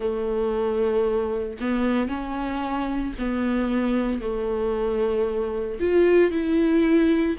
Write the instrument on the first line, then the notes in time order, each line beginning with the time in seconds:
viola
0.00 A3
1.60 B3
2.08 C#4
3.18 B3
4.21 A3
5.79 F4
6.31 E4